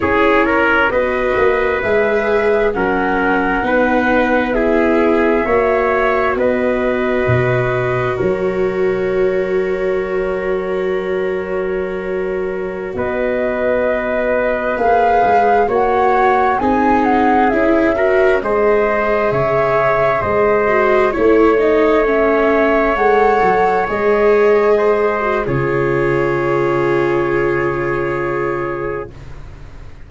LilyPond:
<<
  \new Staff \with { instrumentName = "flute" } { \time 4/4 \tempo 4 = 66 cis''4 dis''4 e''4 fis''4~ | fis''4 e''2 dis''4~ | dis''4 cis''2.~ | cis''2~ cis''16 dis''4.~ dis''16~ |
dis''16 f''4 fis''4 gis''8 fis''8 e''8.~ | e''16 dis''4 e''4 dis''4 cis''8 dis''16~ | dis''16 e''4 fis''4 dis''4.~ dis''16 | cis''1 | }
  \new Staff \with { instrumentName = "trumpet" } { \time 4/4 gis'8 ais'8 b'2 ais'4 | b'4 gis'4 cis''4 b'4~ | b'4 ais'2.~ | ais'2~ ais'16 b'4.~ b'16~ |
b'4~ b'16 cis''4 gis'4. ais'16~ | ais'16 c''4 cis''4 c''4 cis''8.~ | cis''2.~ cis''16 c''8. | gis'1 | }
  \new Staff \with { instrumentName = "viola" } { \time 4/4 e'4 fis'4 gis'4 cis'4 | dis'4 e'4 fis'2~ | fis'1~ | fis'1~ |
fis'16 gis'4 fis'4 dis'4 e'8 fis'16~ | fis'16 gis'2~ gis'8 fis'8 e'8 dis'16~ | dis'16 cis'4 a'4 gis'4. fis'16 | f'1 | }
  \new Staff \with { instrumentName = "tuba" } { \time 4/4 cis'4 b8 ais8 gis4 fis4 | b2 ais4 b4 | b,4 fis2.~ | fis2~ fis16 b4.~ b16~ |
b16 ais8 gis8 ais4 c'4 cis'8.~ | cis'16 gis4 cis4 gis4 a8.~ | a4~ a16 gis8 fis8 gis4.~ gis16 | cis1 | }
>>